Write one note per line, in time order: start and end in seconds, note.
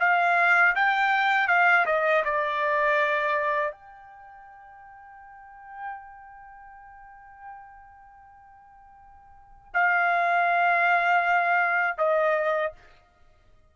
0.00 0.75 F5
0.75 1.48 G5
1.48 1.85 F5
1.86 2.23 D#5
2.24 3.72 D5
3.72 9.72 G5
9.74 11.98 F5
11.98 12.73 D#5